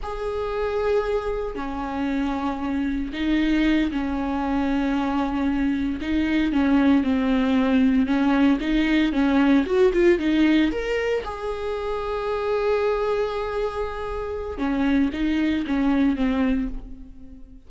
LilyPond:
\new Staff \with { instrumentName = "viola" } { \time 4/4 \tempo 4 = 115 gis'2. cis'4~ | cis'2 dis'4. cis'8~ | cis'2.~ cis'8 dis'8~ | dis'8 cis'4 c'2 cis'8~ |
cis'8 dis'4 cis'4 fis'8 f'8 dis'8~ | dis'8 ais'4 gis'2~ gis'8~ | gis'1 | cis'4 dis'4 cis'4 c'4 | }